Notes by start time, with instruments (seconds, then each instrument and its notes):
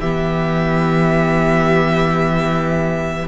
0.00 cello E3, viola B3, violin G4 E5